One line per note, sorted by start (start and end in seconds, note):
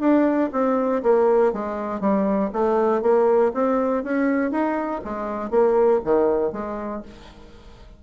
0.00 0.50 D4
0.53 1.02 C4
1.03 1.53 A#3
1.53 2.01 G#3
2.01 2.51 G3
2.53 3.02 A3
3.02 3.52 A#3
3.54 4.04 C4
4.04 4.51 C#4
4.51 5.01 D#4
5.05 5.50 G#3
5.50 6.00 A#3
6.05 6.52 D#3
6.52 7.02 G#3